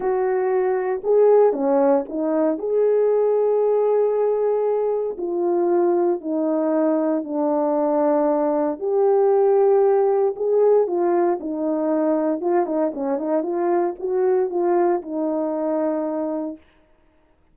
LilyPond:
\new Staff \with { instrumentName = "horn" } { \time 4/4 \tempo 4 = 116 fis'2 gis'4 cis'4 | dis'4 gis'2.~ | gis'2 f'2 | dis'2 d'2~ |
d'4 g'2. | gis'4 f'4 dis'2 | f'8 dis'8 cis'8 dis'8 f'4 fis'4 | f'4 dis'2. | }